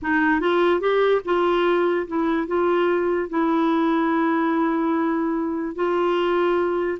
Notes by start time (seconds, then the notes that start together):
0.01 D#4
0.40 F4
0.80 G4
1.24 F4
2.07 E4
2.47 F4
3.29 E4
5.75 F4